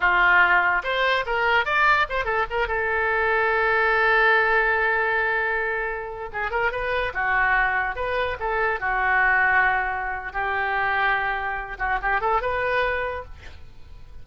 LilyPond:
\new Staff \with { instrumentName = "oboe" } { \time 4/4 \tempo 4 = 145 f'2 c''4 ais'4 | d''4 c''8 a'8 ais'8 a'4.~ | a'1~ | a'2.~ a'16 gis'8 ais'16~ |
ais'16 b'4 fis'2 b'8.~ | b'16 a'4 fis'2~ fis'8.~ | fis'4 g'2.~ | g'8 fis'8 g'8 a'8 b'2 | }